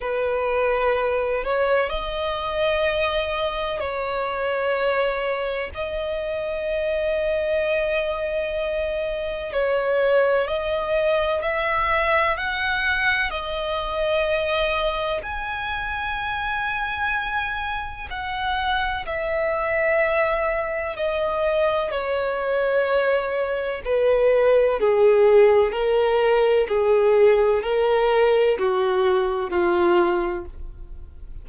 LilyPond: \new Staff \with { instrumentName = "violin" } { \time 4/4 \tempo 4 = 63 b'4. cis''8 dis''2 | cis''2 dis''2~ | dis''2 cis''4 dis''4 | e''4 fis''4 dis''2 |
gis''2. fis''4 | e''2 dis''4 cis''4~ | cis''4 b'4 gis'4 ais'4 | gis'4 ais'4 fis'4 f'4 | }